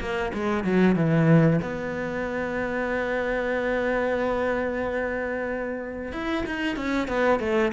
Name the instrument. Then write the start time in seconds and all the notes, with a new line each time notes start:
cello
0.00 A#3
0.34 G#3
0.64 F#3
0.96 E3
1.62 B3
6.13 E4
6.46 D#4
6.77 C#4
7.08 B3
7.40 A3